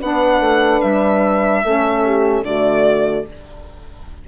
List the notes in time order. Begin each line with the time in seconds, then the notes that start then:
0.00 B3 D4 B4 F#5
0.40 A3
0.81 G3 E5
1.64 A3 C#4 A4
2.05 G4
2.43 D3 A3 F#4 D5